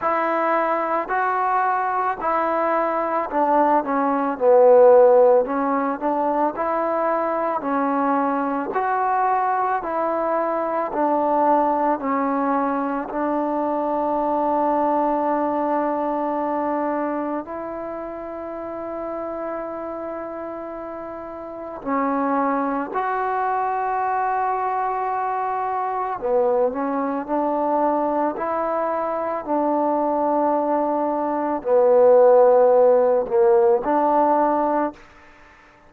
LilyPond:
\new Staff \with { instrumentName = "trombone" } { \time 4/4 \tempo 4 = 55 e'4 fis'4 e'4 d'8 cis'8 | b4 cis'8 d'8 e'4 cis'4 | fis'4 e'4 d'4 cis'4 | d'1 |
e'1 | cis'4 fis'2. | b8 cis'8 d'4 e'4 d'4~ | d'4 b4. ais8 d'4 | }